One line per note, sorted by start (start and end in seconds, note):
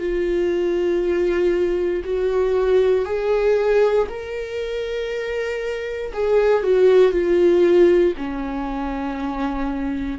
0.00 2.03 F4
2.05 3.06 F#4
3.06 4.07 G#4
4.10 6.13 A#4
6.13 6.63 G#4
6.63 7.12 F#4
7.12 8.14 F4
8.18 10.19 C#4